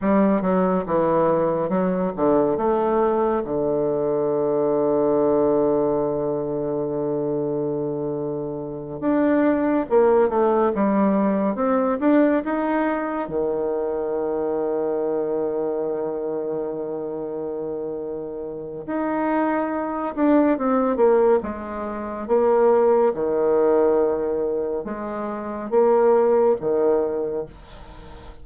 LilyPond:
\new Staff \with { instrumentName = "bassoon" } { \time 4/4 \tempo 4 = 70 g8 fis8 e4 fis8 d8 a4 | d1~ | d2~ d8 d'4 ais8 | a8 g4 c'8 d'8 dis'4 dis8~ |
dis1~ | dis2 dis'4. d'8 | c'8 ais8 gis4 ais4 dis4~ | dis4 gis4 ais4 dis4 | }